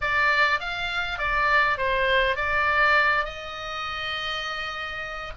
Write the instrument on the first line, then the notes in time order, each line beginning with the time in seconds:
oboe
0.01 D5
0.60 F5
1.18 D5
1.77 C5
2.36 D5
3.25 D#5